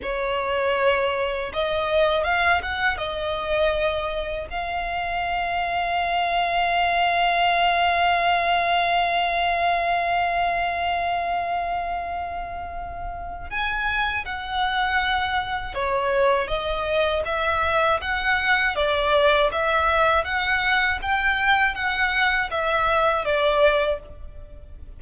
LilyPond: \new Staff \with { instrumentName = "violin" } { \time 4/4 \tempo 4 = 80 cis''2 dis''4 f''8 fis''8 | dis''2 f''2~ | f''1~ | f''1~ |
f''2 gis''4 fis''4~ | fis''4 cis''4 dis''4 e''4 | fis''4 d''4 e''4 fis''4 | g''4 fis''4 e''4 d''4 | }